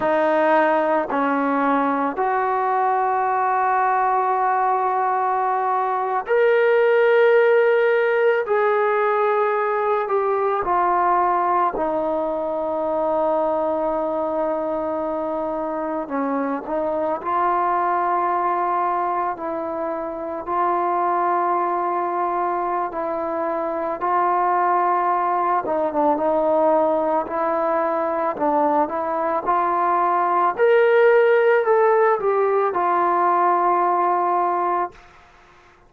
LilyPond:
\new Staff \with { instrumentName = "trombone" } { \time 4/4 \tempo 4 = 55 dis'4 cis'4 fis'2~ | fis'4.~ fis'16 ais'2 gis'16~ | gis'4~ gis'16 g'8 f'4 dis'4~ dis'16~ | dis'2~ dis'8. cis'8 dis'8 f'16~ |
f'4.~ f'16 e'4 f'4~ f'16~ | f'4 e'4 f'4. dis'16 d'16 | dis'4 e'4 d'8 e'8 f'4 | ais'4 a'8 g'8 f'2 | }